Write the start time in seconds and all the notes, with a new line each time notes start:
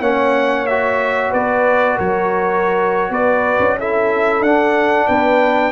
0.00 A#3 C#4 C#5 F#5
0.66 F#4 E5
1.31 B3 B4 D5
1.96 F#3 A#4 C#5
3.10 B3 B4 D5
3.59 C#4
3.79 E4 A4 E5
4.41 D4 F#5
5.07 B3 B4 G5